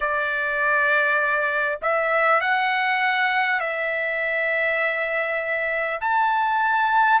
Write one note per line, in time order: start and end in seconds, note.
0.00 1.79 D5
1.82 2.40 E5
2.40 3.60 F#5
3.60 6.00 E5
6.01 7.20 A5